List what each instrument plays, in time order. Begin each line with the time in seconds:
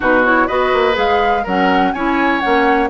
0.00 bassoon B2, clarinet D#4, oboe F#4, flute B4
0.24 clarinet E4, flute C#5
0.47 bassoon B3, clarinet F#4, oboe B4, flute D#5
0.73 bassoon A#3
0.93 bassoon G#3, clarinet G#4, flute F5
1.43 bassoon F#3, clarinet C#4, oboe A#4, flute F#5
1.92 bassoon C#4, clarinet E4, oboe C#5, flute G#5
2.40 bassoon A#3, clarinet C#4, flute F#5